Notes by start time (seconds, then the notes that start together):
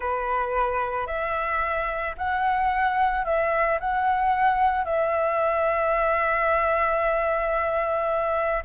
0.00 B4
1.07 E5
2.17 F#5
3.24 E5
3.80 F#5
4.84 E5